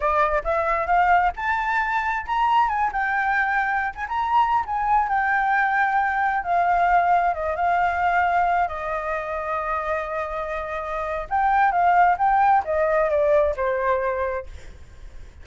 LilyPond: \new Staff \with { instrumentName = "flute" } { \time 4/4 \tempo 4 = 133 d''4 e''4 f''4 a''4~ | a''4 ais''4 gis''8 g''4.~ | g''8. gis''16 ais''4~ ais''16 gis''4 g''8.~ | g''2~ g''16 f''4.~ f''16~ |
f''16 dis''8 f''2~ f''8 dis''8.~ | dis''1~ | dis''4 g''4 f''4 g''4 | dis''4 d''4 c''2 | }